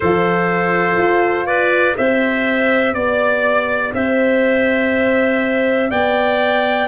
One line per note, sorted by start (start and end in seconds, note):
0.00 0.97 F3
0.00 1.97 F4
0.00 1.46 A4
0.00 1.46 C5
0.97 1.95 F4
1.46 1.95 B4
1.46 1.95 D5
1.97 2.94 C4
1.97 6.88 G4
1.97 2.95 C5
1.97 2.93 E5
2.93 3.92 B3
2.93 3.92 D5
2.93 3.93 D5
3.93 5.90 C4
3.93 5.90 C5
3.93 5.90 E5
5.90 6.88 B3
5.90 6.88 D5
5.90 6.88 G5